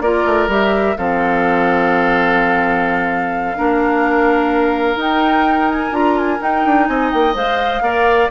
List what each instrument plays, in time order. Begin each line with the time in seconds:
0.00 bassoon A#3, clarinet F4, oboe A#4, flute D5
0.25 bassoon A3
0.47 bassoon G3, clarinet G4, flute E5
0.97 bassoon F3, clarinet C4, oboe A4, flute F5
3.55 bassoon A#3, clarinet D4, oboe A#4
4.95 bassoon D#4, clarinet D#4, flute G5
5.70 flute G#5
5.91 bassoon D4, clarinet F4, flute A#5
6.17 flute G#5
6.38 clarinet D#4, bassoon D#4, flute G5
6.65 bassoon D4
6.87 bassoon C4, oboe D#5, flute G#5
7.11 bassoon A#3, flute G5
7.33 bassoon G#3, clarinet C5, flute F5
7.81 bassoon A#3, clarinet A#4, oboe D5